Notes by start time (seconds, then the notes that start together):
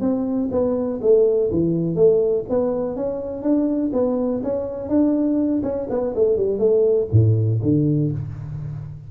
0.00 C4
0.51 B3
1.01 A3
1.51 E3
1.95 A3
2.49 B3
2.96 C#4
3.42 D4
3.92 B3
4.43 C#4
4.88 D4
5.63 C#4
5.90 B3
6.15 A3
6.37 G3
6.58 A3
7.11 A2
7.62 D3